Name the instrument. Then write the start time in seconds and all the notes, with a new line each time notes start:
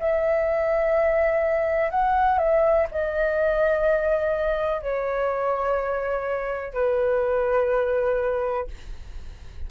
flute
0.00 E5
1.91 F#5
2.39 E5
2.92 D#5
4.82 C#5
6.74 B4